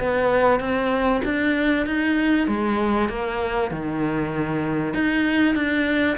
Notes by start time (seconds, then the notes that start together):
0.00 B3
0.60 C4
1.25 D4
1.86 D#4
2.48 G#3
3.10 A#3
3.71 D#3
4.94 D#4
5.56 D4